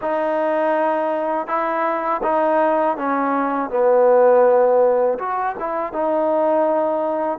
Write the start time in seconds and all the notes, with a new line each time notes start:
0.01 D#4
1.47 E4
2.23 D#4
2.97 C#4
3.70 B3
5.18 F#4
5.59 E4
5.93 D#4